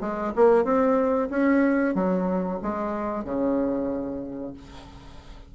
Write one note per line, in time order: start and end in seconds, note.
0.00 0.32 G#3
0.35 0.64 A#3
0.64 1.28 C4
1.30 1.94 C#4
1.94 2.59 F#3
2.62 3.24 G#3
3.24 4.53 C#3